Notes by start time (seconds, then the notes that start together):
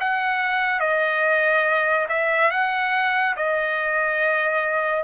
0.00 F#5
0.80 D#5
2.09 E5
2.50 F#5
3.36 D#5